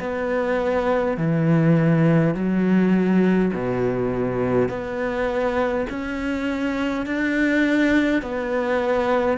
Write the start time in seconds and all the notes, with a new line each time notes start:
0.00 B3
1.18 E3
2.35 F#3
3.54 B2
4.69 B3
5.90 C#4
7.06 D4
8.22 B3